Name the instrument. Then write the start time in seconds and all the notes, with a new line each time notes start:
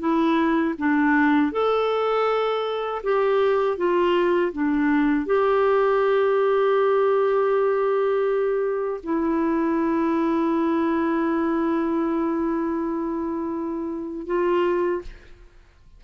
clarinet
0.00 E4
0.78 D4
1.52 A4
3.04 G4
3.77 F4
4.53 D4
5.26 G4
9.03 E4
14.27 F4